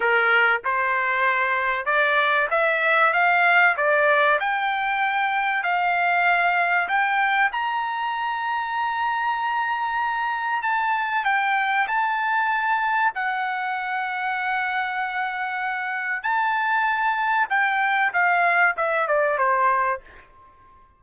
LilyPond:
\new Staff \with { instrumentName = "trumpet" } { \time 4/4 \tempo 4 = 96 ais'4 c''2 d''4 | e''4 f''4 d''4 g''4~ | g''4 f''2 g''4 | ais''1~ |
ais''4 a''4 g''4 a''4~ | a''4 fis''2.~ | fis''2 a''2 | g''4 f''4 e''8 d''8 c''4 | }